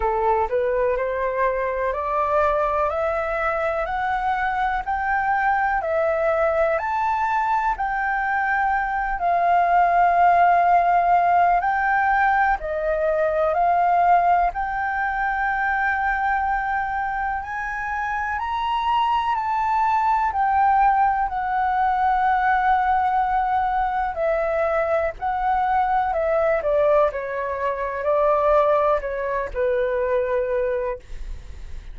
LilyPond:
\new Staff \with { instrumentName = "flute" } { \time 4/4 \tempo 4 = 62 a'8 b'8 c''4 d''4 e''4 | fis''4 g''4 e''4 a''4 | g''4. f''2~ f''8 | g''4 dis''4 f''4 g''4~ |
g''2 gis''4 ais''4 | a''4 g''4 fis''2~ | fis''4 e''4 fis''4 e''8 d''8 | cis''4 d''4 cis''8 b'4. | }